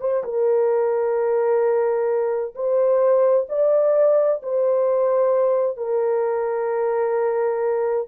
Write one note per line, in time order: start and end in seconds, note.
0.00 0.23 C5
0.23 2.54 A#4
2.55 3.47 C5
3.49 4.41 D5
4.43 5.77 C5
5.77 8.08 A#4